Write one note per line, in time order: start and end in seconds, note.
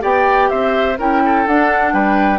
0.00 0.50 B3
0.00 0.95 G4
0.00 0.49 D5
0.00 0.49 G5
0.49 0.98 C4
0.49 0.98 C5
0.49 0.97 E5
0.98 1.45 C#4
0.98 1.46 E4
0.98 1.22 A#4
0.98 1.47 G5
1.24 1.93 A4
1.46 2.39 D4
1.46 1.93 D4
1.46 1.92 F#5
1.92 2.39 G3
1.92 2.39 B4
1.92 2.39 G5